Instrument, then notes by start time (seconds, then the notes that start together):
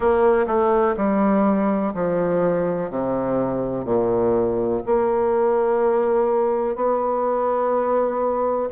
bassoon
0.00 A#3
0.46 A3
0.97 G3
1.94 F3
2.90 C3
3.84 A#2
4.86 A#3
6.75 B3